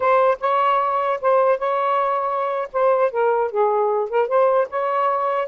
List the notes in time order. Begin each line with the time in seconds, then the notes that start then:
0.00 C5
0.40 C#5
1.21 C5
1.58 C#5
2.73 C5
3.11 A#4
3.51 G#4
4.09 A#4
4.28 C5
4.70 C#5